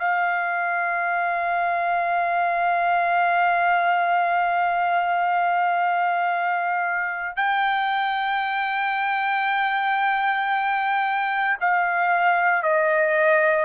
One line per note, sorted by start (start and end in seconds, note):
0.00 7.37 F5
7.37 11.58 G5
11.61 12.63 F5
12.63 13.66 D#5